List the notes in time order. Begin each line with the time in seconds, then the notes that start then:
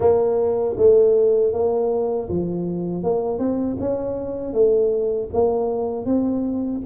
0.00 A#3
0.77 A3
1.52 A#3
2.29 F3
3.03 A#3
3.38 C4
3.80 C#4
4.53 A3
5.33 A#3
6.06 C4